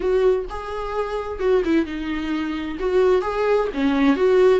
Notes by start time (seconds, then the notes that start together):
0.00 F#4
0.49 G#4
1.39 F#4
1.64 E4
1.85 D#4
2.79 F#4
3.21 G#4
3.73 C#4
4.15 F#4